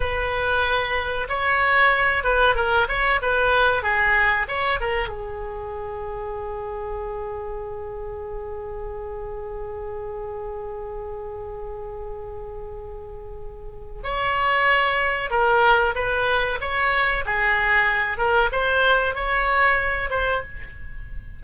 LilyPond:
\new Staff \with { instrumentName = "oboe" } { \time 4/4 \tempo 4 = 94 b'2 cis''4. b'8 | ais'8 cis''8 b'4 gis'4 cis''8 ais'8 | gis'1~ | gis'1~ |
gis'1~ | gis'2 cis''2 | ais'4 b'4 cis''4 gis'4~ | gis'8 ais'8 c''4 cis''4. c''8 | }